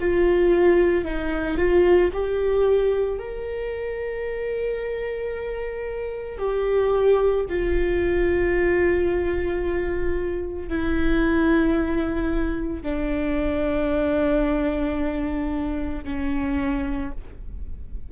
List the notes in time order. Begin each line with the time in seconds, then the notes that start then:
0.00 F4
1.05 D#4
1.57 F4
2.13 G4
3.19 A#4
6.38 G4
7.49 F4
10.69 E4
12.83 D4
16.04 C#4